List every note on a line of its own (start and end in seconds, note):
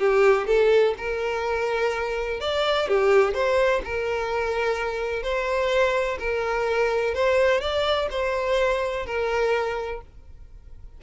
0.00 0.47 G4
0.47 0.95 A4
0.98 2.41 A#4
2.41 2.88 D5
2.88 3.34 G4
3.34 3.82 C5
3.85 5.23 A#4
5.23 6.18 C5
6.19 7.15 A#4
7.15 7.61 C5
7.61 8.09 D5
8.11 9.06 C5
9.06 10.02 A#4